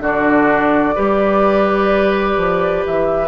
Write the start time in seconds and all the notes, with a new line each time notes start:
0.00 D3 D4 F#4 D5
0.95 G3 G4 B4
2.37 F3
2.86 E3 E5